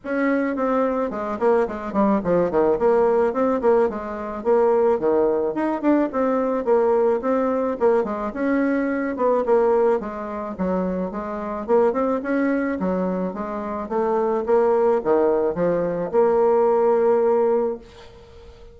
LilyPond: \new Staff \with { instrumentName = "bassoon" } { \time 4/4 \tempo 4 = 108 cis'4 c'4 gis8 ais8 gis8 g8 | f8 dis8 ais4 c'8 ais8 gis4 | ais4 dis4 dis'8 d'8 c'4 | ais4 c'4 ais8 gis8 cis'4~ |
cis'8 b8 ais4 gis4 fis4 | gis4 ais8 c'8 cis'4 fis4 | gis4 a4 ais4 dis4 | f4 ais2. | }